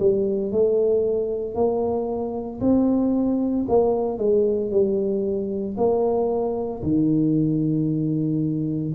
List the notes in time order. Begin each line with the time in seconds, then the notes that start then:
0.00 G3
0.52 A3
1.55 A#3
2.61 C4
3.69 A#3
4.19 G#3
4.71 G3
5.78 A#3
6.83 D#3